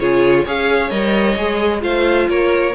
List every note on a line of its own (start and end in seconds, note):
0.00 0.46 C#3
0.00 0.46 F4
0.00 0.44 G#4
0.00 0.46 C#5
0.44 0.91 C#4
0.44 0.90 G#4
0.44 1.82 C#5
0.44 0.90 F5
0.90 1.37 G3
0.90 1.36 A#4
0.90 1.82 D#5
1.37 1.83 G#3
1.37 1.81 G#4
1.81 2.29 A3
1.81 2.73 F4
1.81 2.29 C5
1.81 2.29 F5
2.29 2.75 A#3
2.29 2.75 A#4
2.29 2.75 C#5